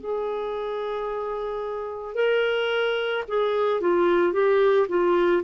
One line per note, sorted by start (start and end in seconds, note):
0.00 2.15 G#4
2.15 3.24 A#4
3.28 3.80 G#4
3.80 4.32 F4
4.32 4.87 G4
4.88 5.43 F4